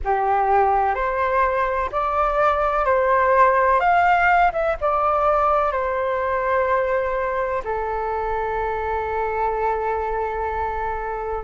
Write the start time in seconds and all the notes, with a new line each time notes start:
0.04 G4
0.94 C5
1.91 D5
2.85 C5
3.80 F5
4.52 E5
4.81 D5
5.71 C5
7.64 A4